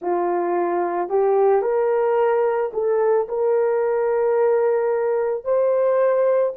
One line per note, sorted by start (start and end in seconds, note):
0.01 1.09 F4
1.09 1.62 G4
1.62 2.71 A#4
2.73 3.27 A4
3.28 5.44 A#4
5.44 6.53 C5